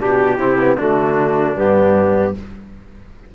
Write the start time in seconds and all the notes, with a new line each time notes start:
0.00 B2 D4 G4
0.37 C3 C4 E4
0.59 B3
0.78 D3 A3 D4 F#4
1.57 G2 B3 G4